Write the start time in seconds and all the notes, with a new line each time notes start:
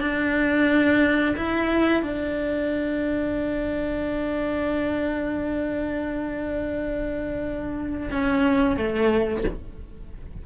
0.00 D4
1.36 E4
2.02 D4
8.11 C#4
8.76 A3